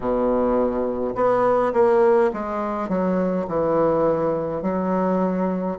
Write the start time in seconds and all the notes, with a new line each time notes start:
0.00 B2
1.15 B3
1.73 A#3
2.33 G#3
2.88 F#3
3.47 E3
4.62 F#3